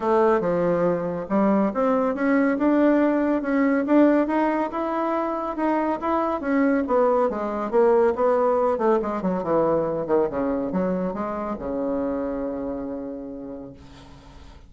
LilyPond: \new Staff \with { instrumentName = "bassoon" } { \time 4/4 \tempo 4 = 140 a4 f2 g4 | c'4 cis'4 d'2 | cis'4 d'4 dis'4 e'4~ | e'4 dis'4 e'4 cis'4 |
b4 gis4 ais4 b4~ | b8 a8 gis8 fis8 e4. dis8 | cis4 fis4 gis4 cis4~ | cis1 | }